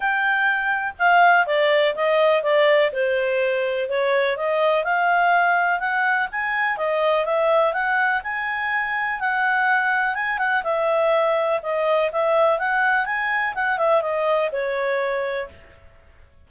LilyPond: \new Staff \with { instrumentName = "clarinet" } { \time 4/4 \tempo 4 = 124 g''2 f''4 d''4 | dis''4 d''4 c''2 | cis''4 dis''4 f''2 | fis''4 gis''4 dis''4 e''4 |
fis''4 gis''2 fis''4~ | fis''4 gis''8 fis''8 e''2 | dis''4 e''4 fis''4 gis''4 | fis''8 e''8 dis''4 cis''2 | }